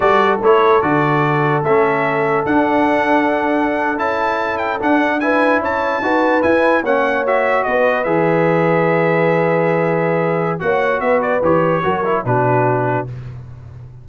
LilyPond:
<<
  \new Staff \with { instrumentName = "trumpet" } { \time 4/4 \tempo 4 = 147 d''4 cis''4 d''2 | e''2 fis''2~ | fis''4.~ fis''16 a''4. g''8 fis''16~ | fis''8. gis''4 a''2 gis''16~ |
gis''8. fis''4 e''4 dis''4 e''16~ | e''1~ | e''2 fis''4 e''8 d''8 | cis''2 b'2 | }
  \new Staff \with { instrumentName = "horn" } { \time 4/4 a'1~ | a'1~ | a'1~ | a'8. b'4 cis''4 b'4~ b'16~ |
b'8. cis''2 b'4~ b'16~ | b'1~ | b'2 cis''4 b'4~ | b'4 ais'4 fis'2 | }
  \new Staff \with { instrumentName = "trombone" } { \time 4/4 fis'4 e'4 fis'2 | cis'2 d'2~ | d'4.~ d'16 e'2 d'16~ | d'8. e'2 fis'4 e'16~ |
e'8. cis'4 fis'2 gis'16~ | gis'1~ | gis'2 fis'2 | g'4 fis'8 e'8 d'2 | }
  \new Staff \with { instrumentName = "tuba" } { \time 4/4 g4 a4 d2 | a2 d'2~ | d'4.~ d'16 cis'2 d'16~ | d'4.~ d'16 cis'4 dis'4 e'16~ |
e'8. ais2 b4 e16~ | e1~ | e2 ais4 b4 | e4 fis4 b,2 | }
>>